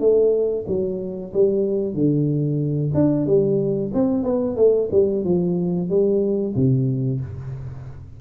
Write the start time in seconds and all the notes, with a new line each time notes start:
0.00 A3
0.68 F#3
1.33 G3
1.94 D3
2.94 D4
3.27 G3
3.94 C4
4.24 B3
4.57 A3
4.92 G3
5.24 F3
5.90 G3
6.56 C3